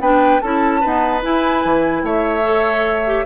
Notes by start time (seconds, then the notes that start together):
0.00 B3 D4 B4 G5
0.41 C#4 E4 A4 A5
0.81 B3 D#4 B4
1.22 E4 G#5
1.65 E3
2.03 A3 C#5 E5
2.43 A4
3.06 G4